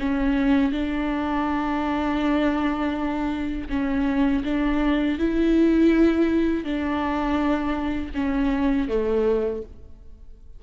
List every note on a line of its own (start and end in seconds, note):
0.00 0.72 C#4
0.72 3.69 D4
3.70 4.44 C#4
4.45 5.19 D4
5.19 6.65 E4
6.65 8.13 D4
8.15 8.89 C#4
8.89 9.63 A3